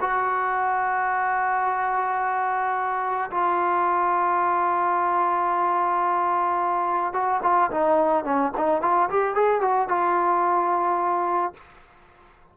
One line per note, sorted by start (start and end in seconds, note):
0.00 3.30 F#4
3.31 7.13 F4
7.13 7.41 F#4
7.43 7.70 F4
7.71 8.24 D#4
8.24 8.52 C#4
8.57 8.82 D#4
8.82 9.09 F4
9.10 9.35 G4
9.35 9.61 G#4
9.61 9.88 F#4
9.88 11.53 F4